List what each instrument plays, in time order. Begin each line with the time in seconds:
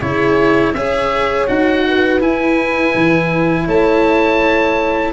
0.00 tuba C#3, cello E4, horn G#4, oboe C#5
0.73 tuba C#4, cello G#4, horn C#5, oboe E5
1.47 tuba D#4, cello F#4, oboe F#5
1.86 horn B4
2.20 cello E4, tuba E4, oboe G#5
2.94 tuba E3
3.65 tuba A3, horn C#5, oboe A5